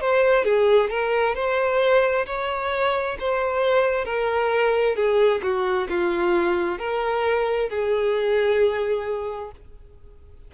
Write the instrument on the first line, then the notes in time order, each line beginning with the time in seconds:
violin
0.00 C5
0.44 G#4
0.89 A#4
1.35 C5
2.26 C#5
3.19 C5
4.05 A#4
4.95 G#4
5.42 F#4
5.88 F4
6.78 A#4
7.69 G#4